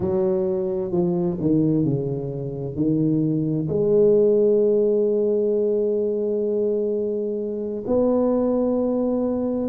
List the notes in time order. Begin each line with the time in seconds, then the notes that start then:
0.00 F#3
0.91 F3
1.40 D#3
1.84 C#3
2.75 D#3
3.68 G#3
7.86 B3